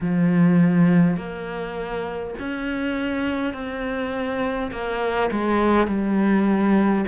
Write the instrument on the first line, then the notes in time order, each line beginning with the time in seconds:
cello
0.01 F3
1.17 A#3
2.39 C#4
3.53 C4
4.71 A#3
5.31 G#3
5.87 G3